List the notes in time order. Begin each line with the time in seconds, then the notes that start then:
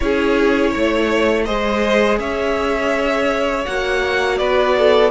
0.00 C#4 E4 G#4 C#5
0.70 A3 C#5
1.44 G#3 G#4 C5 D#5
2.18 C#4 C#5 E5
3.65 A#3 F#4 F#5
4.37 B3 B4 D5
4.78 A4